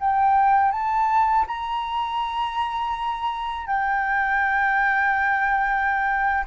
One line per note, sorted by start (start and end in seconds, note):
0.00 0.72 G5
0.72 1.46 A5
1.47 3.67 A#5
3.67 6.45 G5